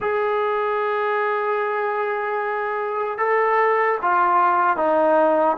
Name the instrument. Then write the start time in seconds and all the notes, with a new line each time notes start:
trombone
0.00 G#4
3.18 A4
4.02 F4
4.76 D#4